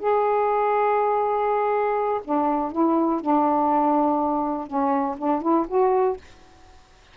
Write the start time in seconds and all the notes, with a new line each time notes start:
0.00 G#4
2.24 D4
2.72 E4
3.21 D4
4.67 C#4
5.18 D4
5.42 E4
5.68 F#4